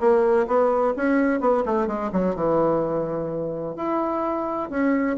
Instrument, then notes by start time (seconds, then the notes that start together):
bassoon
0.00 A#3
0.47 B3
0.96 C#4
1.40 B3
1.66 A3
1.87 G#3
2.12 F#3
2.35 E3
3.76 E4
4.70 C#4